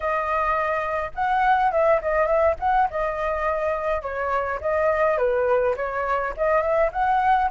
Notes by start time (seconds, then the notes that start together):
0.00 D#5
1.14 F#5
1.71 E5
2.01 D#5
2.26 E5
2.59 F#5
2.90 D#5
4.01 C#5
4.60 D#5
5.17 B4
5.76 C#5
6.36 D#5
6.61 E5
6.92 F#5